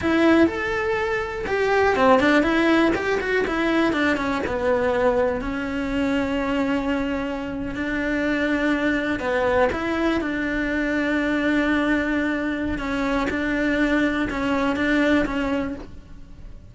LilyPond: \new Staff \with { instrumentName = "cello" } { \time 4/4 \tempo 4 = 122 e'4 a'2 g'4 | c'8 d'8 e'4 g'8 fis'8 e'4 | d'8 cis'8 b2 cis'4~ | cis'2.~ cis'8. d'16~ |
d'2~ d'8. b4 e'16~ | e'8. d'2.~ d'16~ | d'2 cis'4 d'4~ | d'4 cis'4 d'4 cis'4 | }